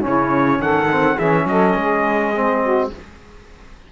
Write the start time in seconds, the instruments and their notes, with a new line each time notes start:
0.00 trombone C#4, saxophone E4, trumpet C#5
0.07 cello C#3
0.60 cello D#3, saxophone A4, trumpet F#5
0.92 trombone C4
1.16 cello E3, trombone C#4, saxophone G#4, trumpet E5
1.46 cello F#3, saxophone A4, trumpet D#5
1.76 cello G#3, saxophone G#4
2.35 trombone C4
2.63 saxophone F#4